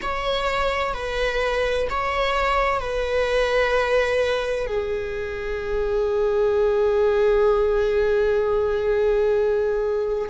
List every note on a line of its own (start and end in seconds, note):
0.02 0.94 C#5
0.94 1.87 B4
1.90 2.80 C#5
2.80 4.66 B4
4.66 10.29 G#4